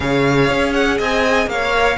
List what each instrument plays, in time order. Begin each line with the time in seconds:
0.00 cello C#3, viola G#4, violin C#5 F5
0.49 cello C#4
0.73 violin F#5
0.97 cello C4, violin D#5 G#5
1.46 cello A#3, violin C#5 F5
1.77 viola A#4